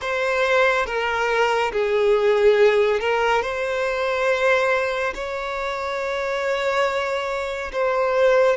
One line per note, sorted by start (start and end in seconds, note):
0.01 0.86 C5
0.86 1.71 A#4
1.72 3.00 G#4
3.00 3.42 A#4
3.42 5.13 C5
5.14 7.71 C#5
7.72 8.56 C5